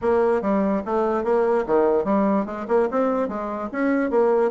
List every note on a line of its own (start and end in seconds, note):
0.01 0.41 A#3
0.41 0.82 G3
0.85 1.23 A3
1.23 1.65 A#3
1.66 2.04 D#3
2.04 2.45 G3
2.45 2.66 G#3
2.68 2.88 A#3
2.90 3.28 C4
3.28 3.69 G#3
3.72 4.10 C#4
4.10 4.51 A#3